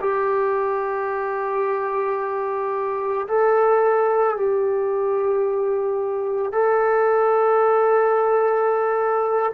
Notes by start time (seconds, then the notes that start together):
0.00 G4
3.28 A4
4.37 G4
6.53 A4